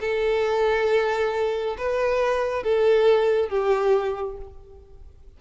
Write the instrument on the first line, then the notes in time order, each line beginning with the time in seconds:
violin
0.00 A4
1.77 B4
2.63 A4
3.49 G4